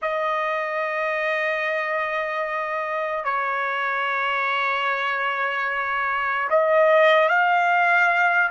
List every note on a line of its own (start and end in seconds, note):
0.01 3.24 D#5
3.24 6.48 C#5
6.49 7.28 D#5
7.28 8.50 F5